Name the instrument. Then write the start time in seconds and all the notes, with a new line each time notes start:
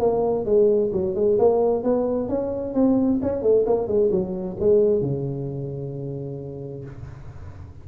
tuba
0.00 A#3
0.46 G#3
0.93 F#3
1.16 G#3
1.39 A#3
1.84 B3
2.29 C#4
2.75 C4
3.22 C#4
3.43 A3
3.67 A#3
3.88 G#3
4.12 F#3
4.60 G#3
5.02 C#3